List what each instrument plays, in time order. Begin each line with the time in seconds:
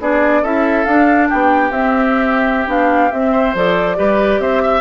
0.00 bassoon B3, clarinet D4, oboe G#4, flute D5
0.42 bassoon C#4, clarinet E4, oboe A4, flute E5
0.85 bassoon D4, clarinet D4, flute F5
1.29 bassoon B3, oboe G4, flute G5
1.70 bassoon C4, clarinet C4, flute E5
2.67 bassoon B3, clarinet D4, flute F5
3.12 bassoon C4, clarinet C4, flute E5
3.32 oboe C5
3.55 bassoon F3, clarinet A4, flute D5
3.96 bassoon G3, clarinet G4, oboe B4
4.39 bassoon C4, oboe C5, flute E5
4.63 oboe E5